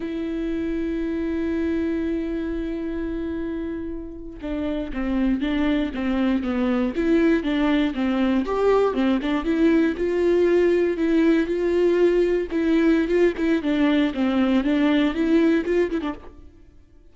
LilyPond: \new Staff \with { instrumentName = "viola" } { \time 4/4 \tempo 4 = 119 e'1~ | e'1~ | e'8. d'4 c'4 d'4 c'16~ | c'8. b4 e'4 d'4 c'16~ |
c'8. g'4 c'8 d'8 e'4 f'16~ | f'4.~ f'16 e'4 f'4~ f'16~ | f'8. e'4~ e'16 f'8 e'8 d'4 | c'4 d'4 e'4 f'8 e'16 d'16 | }